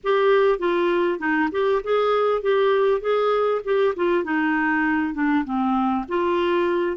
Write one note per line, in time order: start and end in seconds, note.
0.03 0.58 G4
0.58 1.19 F4
1.19 1.49 D#4
1.51 1.82 G4
1.83 2.42 G#4
2.42 3.01 G4
3.01 3.61 G#4
3.64 3.94 G4
3.96 4.24 F4
4.24 5.14 D#4
5.14 5.44 D4
5.44 6.05 C4
6.08 6.96 F4